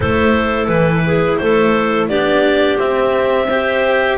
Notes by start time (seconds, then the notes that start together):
0.00 A3 E4 A4 C5
0.67 E3 B4
1.05 G#4
1.37 A3 A4 C5
2.08 B3 D4 G4 D5
2.77 C4 E5
3.48 G4 C5